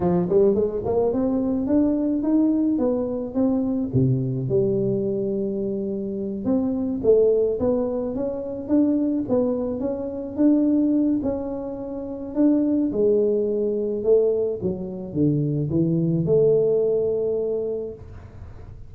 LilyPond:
\new Staff \with { instrumentName = "tuba" } { \time 4/4 \tempo 4 = 107 f8 g8 gis8 ais8 c'4 d'4 | dis'4 b4 c'4 c4 | g2.~ g8 c'8~ | c'8 a4 b4 cis'4 d'8~ |
d'8 b4 cis'4 d'4. | cis'2 d'4 gis4~ | gis4 a4 fis4 d4 | e4 a2. | }